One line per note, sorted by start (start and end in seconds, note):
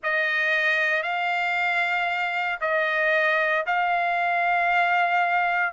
0.03 1.02 D#5
1.02 2.59 F5
2.60 3.65 D#5
3.66 5.72 F5